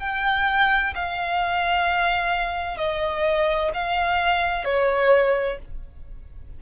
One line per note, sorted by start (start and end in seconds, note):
0.00 0.94 G5
0.95 2.77 F5
2.77 3.71 D#5
3.74 4.65 F5
4.65 5.59 C#5